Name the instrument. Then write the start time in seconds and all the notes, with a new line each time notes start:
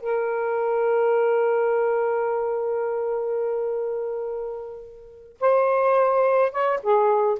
saxophone
0.00 A#4
5.40 C5
6.51 C#5
6.82 G#4